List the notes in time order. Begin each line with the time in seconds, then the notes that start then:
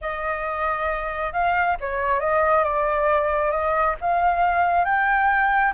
0.01 D#5
1.32 F5
1.80 C#5
2.20 D#5
2.64 D5
3.51 D#5
4.00 F5
4.84 G5